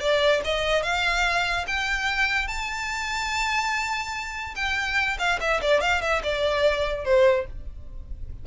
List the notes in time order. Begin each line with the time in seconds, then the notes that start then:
0.00 D5
0.45 D#5
0.83 F5
1.68 G5
2.48 A5
4.56 G5
5.19 F5
5.40 E5
5.62 D5
5.81 F5
6.02 E5
6.24 D5
7.05 C5